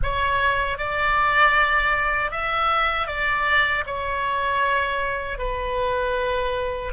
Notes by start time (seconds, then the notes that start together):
0.02 C#5
0.77 D5
2.31 E5
3.07 D5
3.86 C#5
5.38 B4